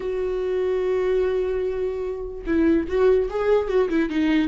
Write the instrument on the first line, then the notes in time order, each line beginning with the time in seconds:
viola
0.00 F#4
2.46 E4
2.88 F#4
3.29 G#4
3.68 F#4
3.89 E4
4.09 D#4